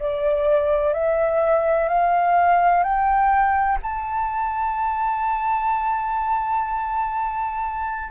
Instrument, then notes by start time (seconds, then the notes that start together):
flute
0.00 D5
0.94 E5
1.89 F5
2.84 G5
3.83 A5